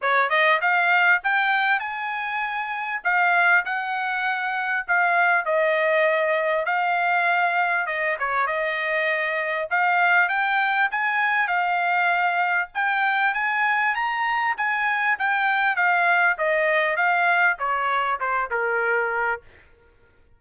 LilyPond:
\new Staff \with { instrumentName = "trumpet" } { \time 4/4 \tempo 4 = 99 cis''8 dis''8 f''4 g''4 gis''4~ | gis''4 f''4 fis''2 | f''4 dis''2 f''4~ | f''4 dis''8 cis''8 dis''2 |
f''4 g''4 gis''4 f''4~ | f''4 g''4 gis''4 ais''4 | gis''4 g''4 f''4 dis''4 | f''4 cis''4 c''8 ais'4. | }